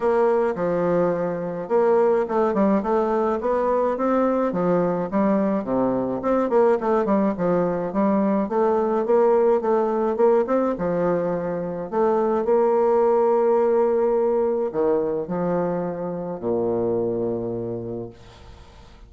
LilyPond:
\new Staff \with { instrumentName = "bassoon" } { \time 4/4 \tempo 4 = 106 ais4 f2 ais4 | a8 g8 a4 b4 c'4 | f4 g4 c4 c'8 ais8 | a8 g8 f4 g4 a4 |
ais4 a4 ais8 c'8 f4~ | f4 a4 ais2~ | ais2 dis4 f4~ | f4 ais,2. | }